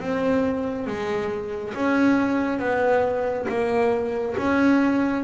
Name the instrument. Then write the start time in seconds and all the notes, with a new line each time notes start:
double bass
0.00 C4
0.87 G#3
1.75 C#4
2.60 B3
3.49 A#3
4.38 C#4